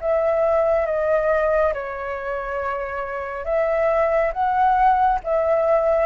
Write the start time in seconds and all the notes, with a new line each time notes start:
0.00 E5
0.86 D#5
1.74 C#5
3.45 E5
4.32 F#5
5.23 E5